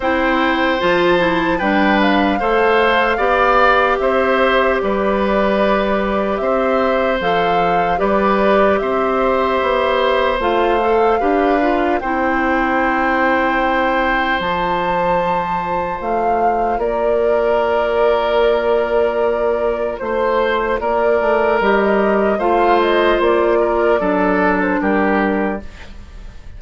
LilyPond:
<<
  \new Staff \with { instrumentName = "flute" } { \time 4/4 \tempo 4 = 75 g''4 a''4 g''8 f''4.~ | f''4 e''4 d''2 | e''4 f''4 d''4 e''4~ | e''4 f''2 g''4~ |
g''2 a''2 | f''4 d''2.~ | d''4 c''4 d''4 dis''4 | f''8 dis''8 d''4.~ d''16 c''16 ais'4 | }
  \new Staff \with { instrumentName = "oboe" } { \time 4/4 c''2 b'4 c''4 | d''4 c''4 b'2 | c''2 b'4 c''4~ | c''2 b'4 c''4~ |
c''1~ | c''4 ais'2.~ | ais'4 c''4 ais'2 | c''4. ais'8 a'4 g'4 | }
  \new Staff \with { instrumentName = "clarinet" } { \time 4/4 e'4 f'8 e'8 d'4 a'4 | g'1~ | g'4 a'4 g'2~ | g'4 f'8 a'8 g'8 f'8 e'4~ |
e'2 f'2~ | f'1~ | f'2. g'4 | f'2 d'2 | }
  \new Staff \with { instrumentName = "bassoon" } { \time 4/4 c'4 f4 g4 a4 | b4 c'4 g2 | c'4 f4 g4 c'4 | b4 a4 d'4 c'4~ |
c'2 f2 | a4 ais2.~ | ais4 a4 ais8 a8 g4 | a4 ais4 fis4 g4 | }
>>